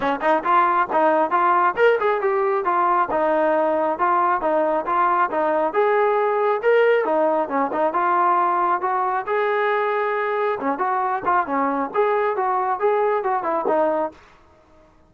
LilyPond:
\new Staff \with { instrumentName = "trombone" } { \time 4/4 \tempo 4 = 136 cis'8 dis'8 f'4 dis'4 f'4 | ais'8 gis'8 g'4 f'4 dis'4~ | dis'4 f'4 dis'4 f'4 | dis'4 gis'2 ais'4 |
dis'4 cis'8 dis'8 f'2 | fis'4 gis'2. | cis'8 fis'4 f'8 cis'4 gis'4 | fis'4 gis'4 fis'8 e'8 dis'4 | }